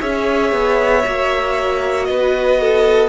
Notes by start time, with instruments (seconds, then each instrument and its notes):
0.00 cello C#4, viola G#4, violin C#5 E5
0.52 cello B3
1.04 cello A#3, viola F#4
2.05 cello B3, violin B4 D#5
2.61 violin A4